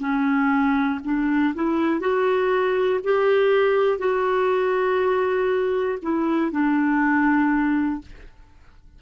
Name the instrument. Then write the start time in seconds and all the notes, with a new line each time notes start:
clarinet
0.00 C#4
1.04 D4
1.55 E4
2.00 F#4
3.04 G4
3.99 F#4
6.02 E4
6.51 D4